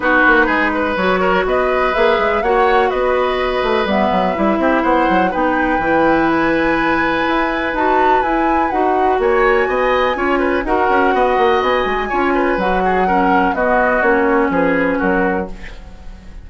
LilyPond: <<
  \new Staff \with { instrumentName = "flute" } { \time 4/4 \tempo 4 = 124 b'2 cis''4 dis''4 | e''4 fis''4 dis''2 | e''2 fis''4 g''4~ | g''4 gis''2. |
a''4 gis''4 fis''4 gis''4~ | gis''2 fis''2 | gis''2 fis''2 | dis''4 cis''4 b'4 ais'4 | }
  \new Staff \with { instrumentName = "oboe" } { \time 4/4 fis'4 gis'8 b'4 ais'8 b'4~ | b'4 cis''4 b'2~ | b'4. g'8 c''4 b'4~ | b'1~ |
b'2. cis''4 | dis''4 cis''8 b'8 ais'4 dis''4~ | dis''4 cis''8 b'4 gis'8 ais'4 | fis'2 gis'4 fis'4 | }
  \new Staff \with { instrumentName = "clarinet" } { \time 4/4 dis'2 fis'2 | gis'4 fis'2. | b4 e'2 dis'4 | e'1 |
fis'4 e'4 fis'2~ | fis'4 f'4 fis'2~ | fis'4 f'4 fis'4 cis'4 | b4 cis'2. | }
  \new Staff \with { instrumentName = "bassoon" } { \time 4/4 b8 ais8 gis4 fis4 b4 | ais8 gis8 ais4 b4. a8 | g8 fis8 g8 c'8 b8 fis8 b4 | e2. e'4 |
dis'4 e'4 dis'4 ais4 | b4 cis'4 dis'8 cis'8 b8 ais8 | b8 gis8 cis'4 fis2 | b4 ais4 f4 fis4 | }
>>